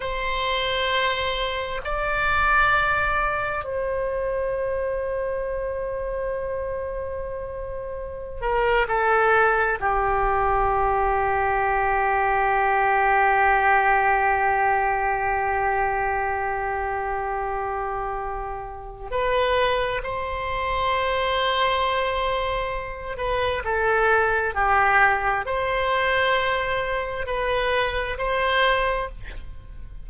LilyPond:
\new Staff \with { instrumentName = "oboe" } { \time 4/4 \tempo 4 = 66 c''2 d''2 | c''1~ | c''4~ c''16 ais'8 a'4 g'4~ g'16~ | g'1~ |
g'1~ | g'4 b'4 c''2~ | c''4. b'8 a'4 g'4 | c''2 b'4 c''4 | }